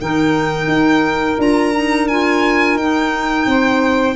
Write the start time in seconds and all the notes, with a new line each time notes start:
0.00 D#3 D#4 A#4 G5
0.67 D#4
1.39 D4 F4 A#5
1.75 D#4
2.08 F4 G#5
2.76 D#4 G5
3.46 C4 C5